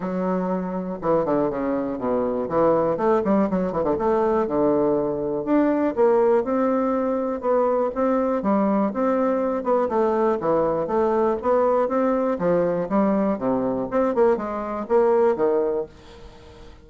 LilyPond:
\new Staff \with { instrumentName = "bassoon" } { \time 4/4 \tempo 4 = 121 fis2 e8 d8 cis4 | b,4 e4 a8 g8 fis8 e16 d16 | a4 d2 d'4 | ais4 c'2 b4 |
c'4 g4 c'4. b8 | a4 e4 a4 b4 | c'4 f4 g4 c4 | c'8 ais8 gis4 ais4 dis4 | }